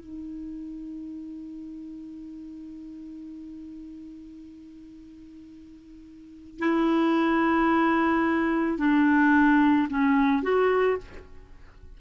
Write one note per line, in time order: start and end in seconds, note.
0.00 6.60 D#4
6.60 8.78 E4
8.78 9.88 D4
9.89 10.43 C#4
10.43 10.98 F#4